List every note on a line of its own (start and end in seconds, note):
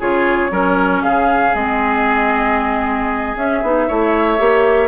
0.00 0.51 C#3
0.00 0.51 F4
0.00 0.52 G#4
0.00 1.03 C#5
0.51 1.03 F#3
0.51 1.54 C#4
0.51 1.04 A#4
1.03 1.55 C#3
1.03 3.88 G#4
1.03 1.55 F5
1.55 3.36 G#3
1.55 3.37 C4
1.55 3.36 D#5
3.36 3.62 C#4
3.36 3.63 C#4
3.36 4.89 E5
3.63 3.89 B3
3.63 3.89 D#4
3.88 4.40 A3
3.88 4.38 E4
3.88 4.89 C#5
4.38 4.89 A#3
4.38 4.89 G4